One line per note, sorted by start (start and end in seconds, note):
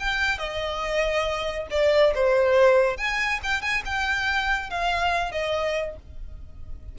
0.00 0.39 G5
0.39 1.68 D#5
1.71 2.14 D5
2.15 2.97 C5
2.97 3.40 G#5
3.44 3.62 G5
3.62 3.83 G#5
3.86 4.70 G5
4.70 5.32 F5
5.32 5.96 D#5